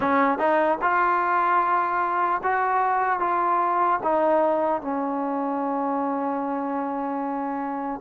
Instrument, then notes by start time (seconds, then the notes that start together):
trombone
0.00 C#4
0.38 D#4
0.81 F4
2.43 F#4
3.19 F4
4.03 D#4
4.81 C#4